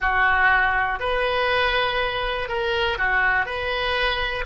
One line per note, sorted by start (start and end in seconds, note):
0.00 0.99 F#4
0.99 2.48 B4
2.48 2.98 A#4
2.98 3.45 F#4
3.45 4.44 B4